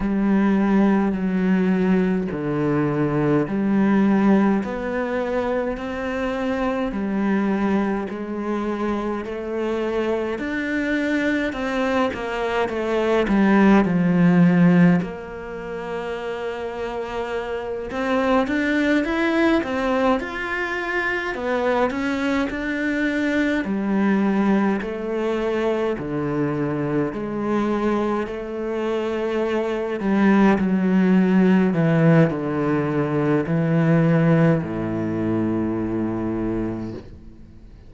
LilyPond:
\new Staff \with { instrumentName = "cello" } { \time 4/4 \tempo 4 = 52 g4 fis4 d4 g4 | b4 c'4 g4 gis4 | a4 d'4 c'8 ais8 a8 g8 | f4 ais2~ ais8 c'8 |
d'8 e'8 c'8 f'4 b8 cis'8 d'8~ | d'8 g4 a4 d4 gis8~ | gis8 a4. g8 fis4 e8 | d4 e4 a,2 | }